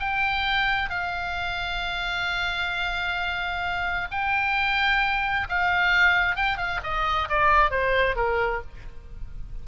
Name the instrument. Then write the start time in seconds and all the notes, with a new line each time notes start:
oboe
0.00 G5
0.90 F5
4.11 G5
5.49 F5
6.36 G5
6.58 F5
6.84 D#5
7.29 D5
7.71 C5
8.16 A#4